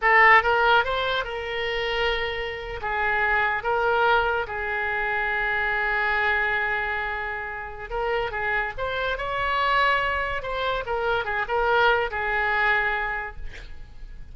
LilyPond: \new Staff \with { instrumentName = "oboe" } { \time 4/4 \tempo 4 = 144 a'4 ais'4 c''4 ais'4~ | ais'2~ ais'8. gis'4~ gis'16~ | gis'8. ais'2 gis'4~ gis'16~ | gis'1~ |
gis'2. ais'4 | gis'4 c''4 cis''2~ | cis''4 c''4 ais'4 gis'8 ais'8~ | ais'4 gis'2. | }